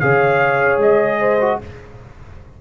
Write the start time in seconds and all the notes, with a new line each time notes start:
0.00 C#3 G#4 C#5 F5
0.78 G#3 D#5
1.20 C5
1.41 F#4